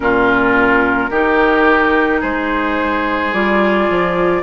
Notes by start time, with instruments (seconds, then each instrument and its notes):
0.00 bassoon A#2, clarinet C#4, oboe F4, flute A#4
1.10 bassoon D#3, clarinet D#4, oboe G4
2.20 bassoon G#3, oboe G#4, flute C5
3.33 bassoon G3, clarinet F4, flute D5
3.89 bassoon F3